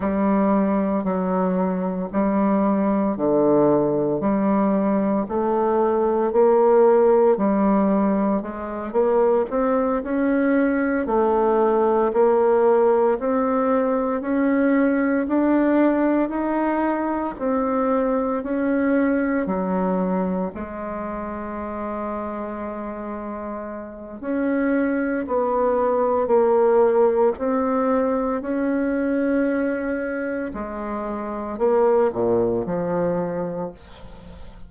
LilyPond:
\new Staff \with { instrumentName = "bassoon" } { \time 4/4 \tempo 4 = 57 g4 fis4 g4 d4 | g4 a4 ais4 g4 | gis8 ais8 c'8 cis'4 a4 ais8~ | ais8 c'4 cis'4 d'4 dis'8~ |
dis'8 c'4 cis'4 fis4 gis8~ | gis2. cis'4 | b4 ais4 c'4 cis'4~ | cis'4 gis4 ais8 ais,8 f4 | }